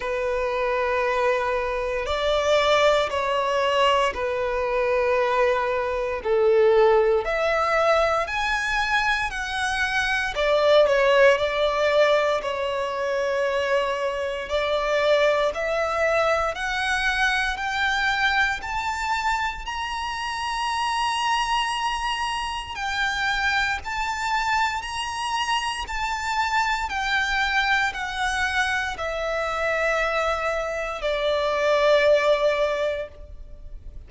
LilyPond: \new Staff \with { instrumentName = "violin" } { \time 4/4 \tempo 4 = 58 b'2 d''4 cis''4 | b'2 a'4 e''4 | gis''4 fis''4 d''8 cis''8 d''4 | cis''2 d''4 e''4 |
fis''4 g''4 a''4 ais''4~ | ais''2 g''4 a''4 | ais''4 a''4 g''4 fis''4 | e''2 d''2 | }